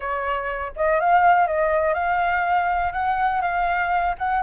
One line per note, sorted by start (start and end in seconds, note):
0.00 0.72 C#5
0.76 0.99 D#5
0.99 1.47 F5
1.47 1.94 D#5
1.94 2.92 F5
2.92 3.41 F#5
3.41 4.15 F5
4.18 4.42 F#5